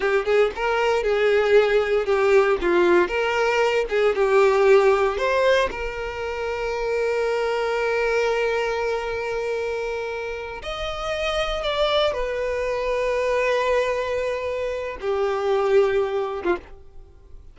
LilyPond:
\new Staff \with { instrumentName = "violin" } { \time 4/4 \tempo 4 = 116 g'8 gis'8 ais'4 gis'2 | g'4 f'4 ais'4. gis'8 | g'2 c''4 ais'4~ | ais'1~ |
ais'1~ | ais'8 dis''2 d''4 b'8~ | b'1~ | b'4 g'2~ g'8. f'16 | }